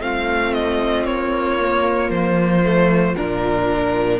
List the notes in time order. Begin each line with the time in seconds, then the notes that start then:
0.00 A3 C4 F4 F5
0.54 D#5
1.05 A#3 C#5
1.60 A#3
2.10 F3 C5
2.64 A3
3.16 A#2 D4 A#4